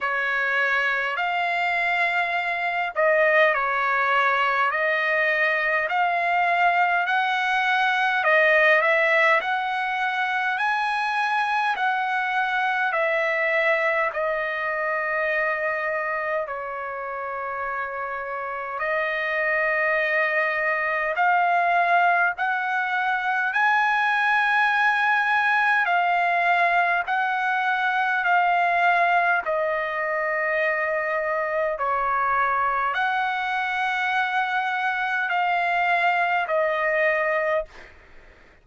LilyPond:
\new Staff \with { instrumentName = "trumpet" } { \time 4/4 \tempo 4 = 51 cis''4 f''4. dis''8 cis''4 | dis''4 f''4 fis''4 dis''8 e''8 | fis''4 gis''4 fis''4 e''4 | dis''2 cis''2 |
dis''2 f''4 fis''4 | gis''2 f''4 fis''4 | f''4 dis''2 cis''4 | fis''2 f''4 dis''4 | }